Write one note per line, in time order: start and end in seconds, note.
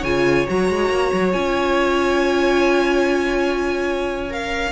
0.00 0.46 C#3
0.00 0.47 F4
0.00 4.71 C#5
0.00 0.47 G#5
0.47 0.69 F#3
0.47 1.33 F#4
0.47 1.33 A#5
0.69 0.90 G#3
0.90 1.11 A#3
1.13 1.34 F#3
1.33 4.72 C#4
1.33 4.30 F4
1.33 4.33 G#5
4.30 4.72 A#4
4.30 4.72 F5